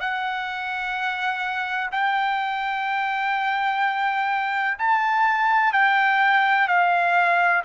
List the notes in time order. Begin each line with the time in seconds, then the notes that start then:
0.00 F#5
1.92 G5
4.78 A5
5.73 G5
6.68 F5